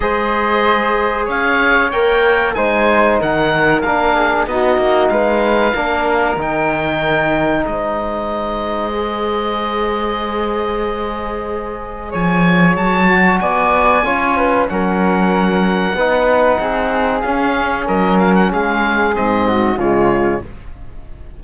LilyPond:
<<
  \new Staff \with { instrumentName = "oboe" } { \time 4/4 \tempo 4 = 94 dis''2 f''4 g''4 | gis''4 fis''4 f''4 dis''4 | f''2 g''2 | dis''1~ |
dis''2. gis''4 | a''4 gis''2 fis''4~ | fis''2. f''4 | dis''8 f''16 fis''16 f''4 dis''4 cis''4 | }
  \new Staff \with { instrumentName = "flute" } { \time 4/4 c''2 cis''2 | c''4 ais'4. gis'8 fis'4 | b'4 ais'2. | c''1~ |
c''2. cis''4~ | cis''4 d''4 cis''8 b'8 ais'4~ | ais'4 b'4 gis'2 | ais'4 gis'4. fis'8 f'4 | }
  \new Staff \with { instrumentName = "trombone" } { \time 4/4 gis'2. ais'4 | dis'2 d'4 dis'4~ | dis'4 d'4 dis'2~ | dis'2 gis'2~ |
gis'1~ | gis'8 fis'4. f'4 cis'4~ | cis'4 dis'2 cis'4~ | cis'2 c'4 gis4 | }
  \new Staff \with { instrumentName = "cello" } { \time 4/4 gis2 cis'4 ais4 | gis4 dis4 ais4 b8 ais8 | gis4 ais4 dis2 | gis1~ |
gis2. f4 | fis4 b4 cis'4 fis4~ | fis4 b4 c'4 cis'4 | fis4 gis4 gis,4 cis4 | }
>>